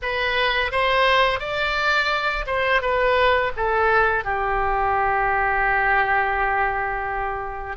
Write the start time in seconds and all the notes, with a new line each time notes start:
0.02 B4
0.71 C5
1.39 D5
2.46 C5
2.81 B4
3.56 A4
4.24 G4